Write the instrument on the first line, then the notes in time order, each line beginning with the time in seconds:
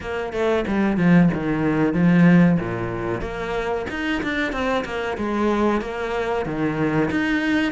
cello
0.01 A#3
0.32 A3
0.67 G3
0.97 F3
1.33 D#3
1.93 F3
2.59 A#2
3.21 A#3
3.90 D#4
4.22 D4
4.52 C4
4.84 A#3
5.17 G#3
5.81 A#3
6.45 D#3
7.10 D#4